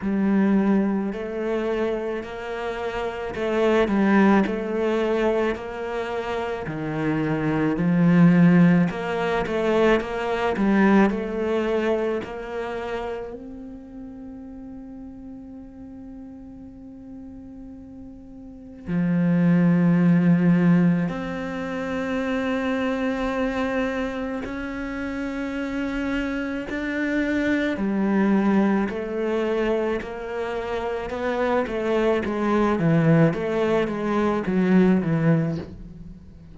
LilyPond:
\new Staff \with { instrumentName = "cello" } { \time 4/4 \tempo 4 = 54 g4 a4 ais4 a8 g8 | a4 ais4 dis4 f4 | ais8 a8 ais8 g8 a4 ais4 | c'1~ |
c'4 f2 c'4~ | c'2 cis'2 | d'4 g4 a4 ais4 | b8 a8 gis8 e8 a8 gis8 fis8 e8 | }